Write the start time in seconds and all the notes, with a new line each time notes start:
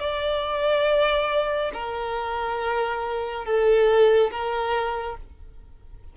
0.00 D5
1.74 A#4
3.45 A4
4.31 A#4